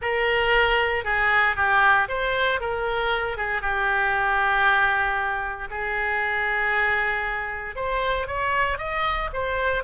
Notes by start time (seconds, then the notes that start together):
0.01 A#4
1.04 G#4
1.56 G4
2.08 C5
2.60 A#4
3.37 G#4
3.61 G4
5.70 G#4
7.75 C5
8.27 C#5
8.78 D#5
9.33 C5